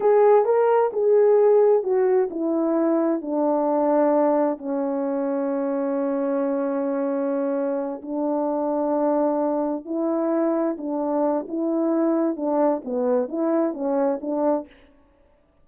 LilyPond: \new Staff \with { instrumentName = "horn" } { \time 4/4 \tempo 4 = 131 gis'4 ais'4 gis'2 | fis'4 e'2 d'4~ | d'2 cis'2~ | cis'1~ |
cis'4. d'2~ d'8~ | d'4. e'2 d'8~ | d'4 e'2 d'4 | b4 e'4 cis'4 d'4 | }